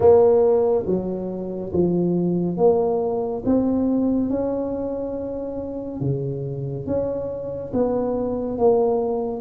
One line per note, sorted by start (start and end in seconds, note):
0.00 0.85 A#3
0.86 1.72 F#3
1.73 2.57 F3
2.57 3.42 A#3
3.45 4.29 C4
4.29 6.00 C#4
6.00 6.86 C#3
6.86 7.72 C#4
7.73 8.58 B3
8.58 9.41 A#3